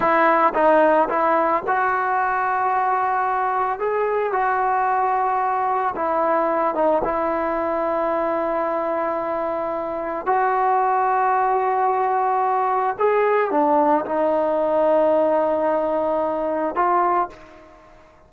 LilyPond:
\new Staff \with { instrumentName = "trombone" } { \time 4/4 \tempo 4 = 111 e'4 dis'4 e'4 fis'4~ | fis'2. gis'4 | fis'2. e'4~ | e'8 dis'8 e'2.~ |
e'2. fis'4~ | fis'1 | gis'4 d'4 dis'2~ | dis'2. f'4 | }